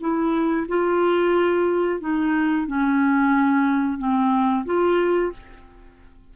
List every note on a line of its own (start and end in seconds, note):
0.00 0.67 E4
0.68 2.00 F4
2.00 2.67 D#4
2.67 3.98 C#4
3.98 4.65 C4
4.65 5.32 F4